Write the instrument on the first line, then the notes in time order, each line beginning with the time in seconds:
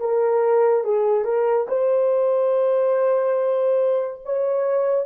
horn
0.00 A#4
0.85 G#4
1.25 A#4
1.69 C5
4.25 C#5